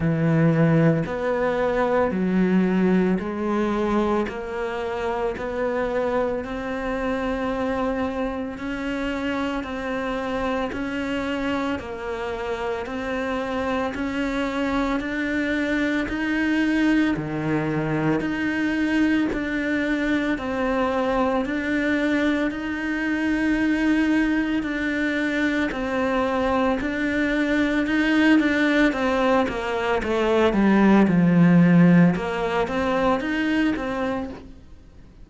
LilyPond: \new Staff \with { instrumentName = "cello" } { \time 4/4 \tempo 4 = 56 e4 b4 fis4 gis4 | ais4 b4 c'2 | cis'4 c'4 cis'4 ais4 | c'4 cis'4 d'4 dis'4 |
dis4 dis'4 d'4 c'4 | d'4 dis'2 d'4 | c'4 d'4 dis'8 d'8 c'8 ais8 | a8 g8 f4 ais8 c'8 dis'8 c'8 | }